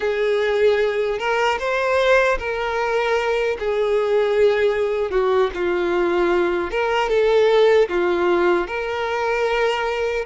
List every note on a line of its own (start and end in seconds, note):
0.00 1.18 G#4
1.18 1.58 A#4
1.59 2.38 C5
2.38 3.57 A#4
3.59 5.11 G#4
5.11 5.50 F#4
5.54 6.71 F4
6.71 7.09 A#4
7.09 7.88 A4
7.88 8.67 F4
8.67 10.25 A#4